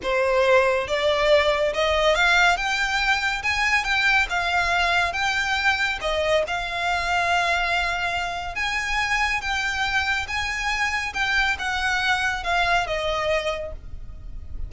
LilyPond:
\new Staff \with { instrumentName = "violin" } { \time 4/4 \tempo 4 = 140 c''2 d''2 | dis''4 f''4 g''2 | gis''4 g''4 f''2 | g''2 dis''4 f''4~ |
f''1 | gis''2 g''2 | gis''2 g''4 fis''4~ | fis''4 f''4 dis''2 | }